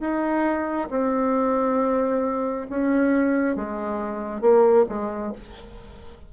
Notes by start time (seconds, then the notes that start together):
0.00 D#4
0.90 C4
2.70 C#4
3.56 G#3
4.41 A#3
4.89 G#3